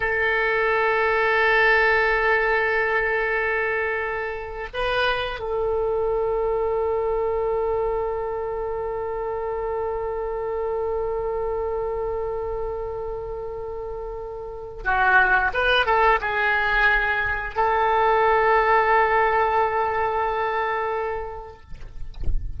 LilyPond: \new Staff \with { instrumentName = "oboe" } { \time 4/4 \tempo 4 = 89 a'1~ | a'2. b'4 | a'1~ | a'1~ |
a'1~ | a'2 fis'4 b'8 a'8 | gis'2 a'2~ | a'1 | }